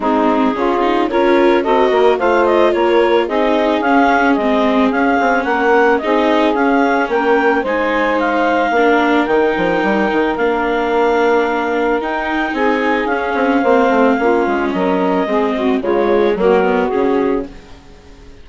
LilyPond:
<<
  \new Staff \with { instrumentName = "clarinet" } { \time 4/4 \tempo 4 = 110 gis'2 cis''4 dis''4 | f''8 dis''8 cis''4 dis''4 f''4 | dis''4 f''4 fis''4 dis''4 | f''4 g''4 gis''4 f''4~ |
f''4 g''2 f''4~ | f''2 g''4 gis''4 | f''2. dis''4~ | dis''4 cis''4 ais'4 gis'4 | }
  \new Staff \with { instrumentName = "saxophone" } { \time 4/4 dis'4 f'4 ais'4 a'8 ais'8 | c''4 ais'4 gis'2~ | gis'2 ais'4 gis'4~ | gis'4 ais'4 c''2 |
ais'1~ | ais'2. gis'4~ | gis'4 c''4 f'4 ais'4 | gis'8 fis'8 f'4 fis'2 | }
  \new Staff \with { instrumentName = "viola" } { \time 4/4 c'4 cis'8 dis'8 f'4 fis'4 | f'2 dis'4 cis'4 | c'4 cis'2 dis'4 | cis'2 dis'2 |
d'4 dis'2 d'4~ | d'2 dis'2 | cis'4 c'4 cis'2 | c'4 gis4 ais8 b8 cis'4 | }
  \new Staff \with { instrumentName = "bassoon" } { \time 4/4 gis4 cis4 cis'4 c'8 ais8 | a4 ais4 c'4 cis'4 | gis4 cis'8 c'8 ais4 c'4 | cis'4 ais4 gis2 |
ais4 dis8 f8 g8 dis8 ais4~ | ais2 dis'4 c'4 | cis'8 c'8 ais8 a8 ais8 gis8 fis4 | gis4 cis4 fis4 cis4 | }
>>